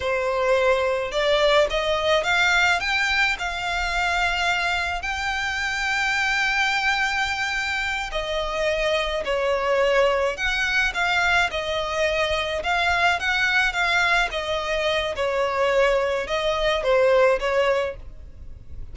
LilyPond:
\new Staff \with { instrumentName = "violin" } { \time 4/4 \tempo 4 = 107 c''2 d''4 dis''4 | f''4 g''4 f''2~ | f''4 g''2.~ | g''2~ g''8 dis''4.~ |
dis''8 cis''2 fis''4 f''8~ | f''8 dis''2 f''4 fis''8~ | fis''8 f''4 dis''4. cis''4~ | cis''4 dis''4 c''4 cis''4 | }